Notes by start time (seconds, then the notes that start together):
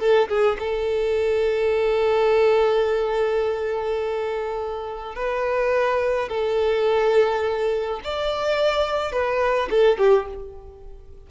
0.00 A4
0.29 G#4
0.60 A4
5.15 B4
6.29 A4
8.04 D5
9.12 B4
9.71 A4
9.98 G4